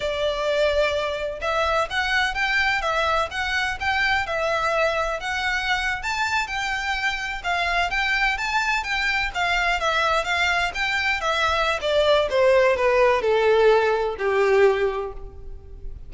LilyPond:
\new Staff \with { instrumentName = "violin" } { \time 4/4 \tempo 4 = 127 d''2. e''4 | fis''4 g''4 e''4 fis''4 | g''4 e''2 fis''4~ | fis''8. a''4 g''2 f''16~ |
f''8. g''4 a''4 g''4 f''16~ | f''8. e''4 f''4 g''4 e''16~ | e''4 d''4 c''4 b'4 | a'2 g'2 | }